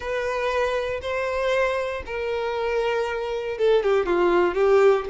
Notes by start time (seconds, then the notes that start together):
0.00 B4
1.01 C5
2.05 A#4
3.58 A4
3.83 G4
4.05 F4
4.54 G4